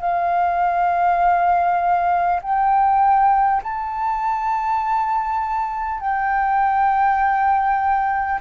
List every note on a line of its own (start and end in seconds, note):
0.00 2.40 F5
2.42 3.62 G5
3.63 6.00 A5
6.00 8.40 G5